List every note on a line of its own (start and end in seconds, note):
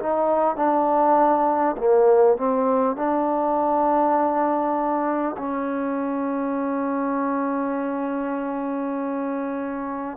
0.00 0.57 D#4
0.57 1.77 D4
1.78 2.38 A#3
2.38 2.97 C4
2.97 5.37 D4
5.38 10.18 C#4